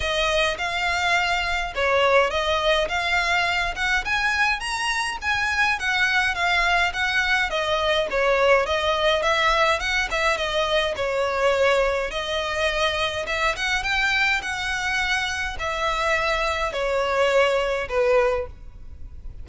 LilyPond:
\new Staff \with { instrumentName = "violin" } { \time 4/4 \tempo 4 = 104 dis''4 f''2 cis''4 | dis''4 f''4. fis''8 gis''4 | ais''4 gis''4 fis''4 f''4 | fis''4 dis''4 cis''4 dis''4 |
e''4 fis''8 e''8 dis''4 cis''4~ | cis''4 dis''2 e''8 fis''8 | g''4 fis''2 e''4~ | e''4 cis''2 b'4 | }